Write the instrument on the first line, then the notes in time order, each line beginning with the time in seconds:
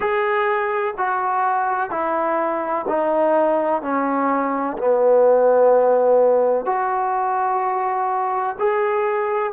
trombone
0.00 G#4
0.97 F#4
1.90 E4
2.87 D#4
3.82 C#4
4.77 B3
6.65 F#4
8.58 G#4